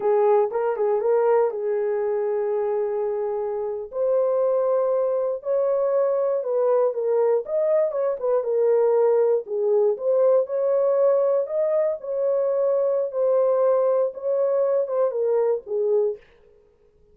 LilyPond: \new Staff \with { instrumentName = "horn" } { \time 4/4 \tempo 4 = 119 gis'4 ais'8 gis'8 ais'4 gis'4~ | gis'2.~ gis'8. c''16~ | c''2~ c''8. cis''4~ cis''16~ | cis''8. b'4 ais'4 dis''4 cis''16~ |
cis''16 b'8 ais'2 gis'4 c''16~ | c''8. cis''2 dis''4 cis''16~ | cis''2 c''2 | cis''4. c''8 ais'4 gis'4 | }